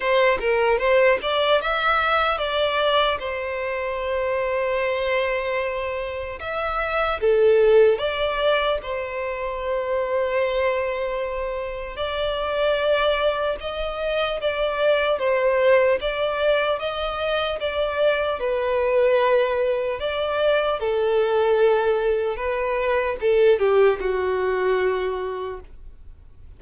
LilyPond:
\new Staff \with { instrumentName = "violin" } { \time 4/4 \tempo 4 = 75 c''8 ais'8 c''8 d''8 e''4 d''4 | c''1 | e''4 a'4 d''4 c''4~ | c''2. d''4~ |
d''4 dis''4 d''4 c''4 | d''4 dis''4 d''4 b'4~ | b'4 d''4 a'2 | b'4 a'8 g'8 fis'2 | }